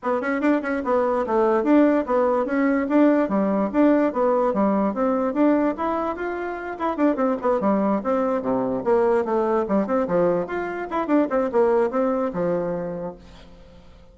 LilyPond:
\new Staff \with { instrumentName = "bassoon" } { \time 4/4 \tempo 4 = 146 b8 cis'8 d'8 cis'8 b4 a4 | d'4 b4 cis'4 d'4 | g4 d'4 b4 g4 | c'4 d'4 e'4 f'4~ |
f'8 e'8 d'8 c'8 b8 g4 c'8~ | c'8 c4 ais4 a4 g8 | c'8 f4 f'4 e'8 d'8 c'8 | ais4 c'4 f2 | }